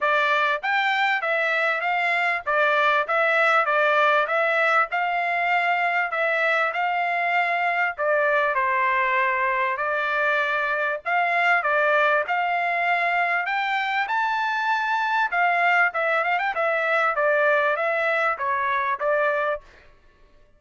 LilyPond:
\new Staff \with { instrumentName = "trumpet" } { \time 4/4 \tempo 4 = 98 d''4 g''4 e''4 f''4 | d''4 e''4 d''4 e''4 | f''2 e''4 f''4~ | f''4 d''4 c''2 |
d''2 f''4 d''4 | f''2 g''4 a''4~ | a''4 f''4 e''8 f''16 g''16 e''4 | d''4 e''4 cis''4 d''4 | }